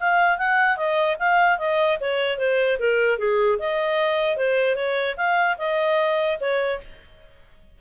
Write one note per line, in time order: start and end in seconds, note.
0.00 0.38 F5
0.38 0.77 F#5
0.77 1.17 D#5
1.19 1.59 F5
1.59 1.99 D#5
2.01 2.38 C#5
2.38 2.78 C5
2.79 3.19 A#4
3.19 3.59 G#4
3.59 4.37 D#5
4.37 4.76 C5
4.76 5.16 C#5
5.17 5.57 F5
5.58 6.38 D#5
6.41 6.81 C#5